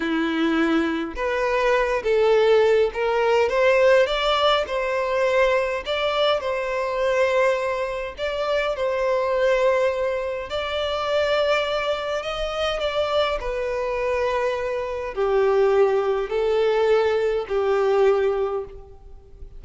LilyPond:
\new Staff \with { instrumentName = "violin" } { \time 4/4 \tempo 4 = 103 e'2 b'4. a'8~ | a'4 ais'4 c''4 d''4 | c''2 d''4 c''4~ | c''2 d''4 c''4~ |
c''2 d''2~ | d''4 dis''4 d''4 b'4~ | b'2 g'2 | a'2 g'2 | }